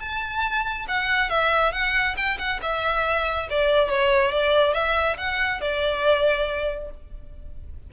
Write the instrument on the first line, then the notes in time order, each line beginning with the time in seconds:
violin
0.00 A5
0.88 F#5
1.30 E5
1.73 F#5
2.17 G5
2.39 F#5
2.62 E5
3.50 D5
3.90 C#5
4.32 D5
4.74 E5
5.18 F#5
5.61 D5